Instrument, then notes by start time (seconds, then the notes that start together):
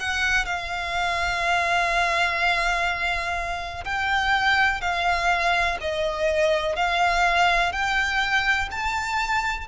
violin
0.00 F#5
0.46 F5
3.85 G5
4.81 F5
5.81 D#5
6.76 F5
7.72 G5
8.71 A5